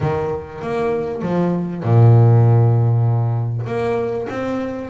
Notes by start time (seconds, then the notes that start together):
0.00 D#3
0.61 A#3
1.22 F3
1.83 A#2
3.66 A#3
4.29 C4